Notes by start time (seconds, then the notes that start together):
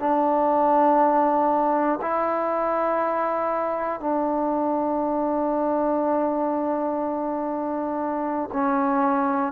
0.00 D4
2.02 E4
4.01 D4
8.53 C#4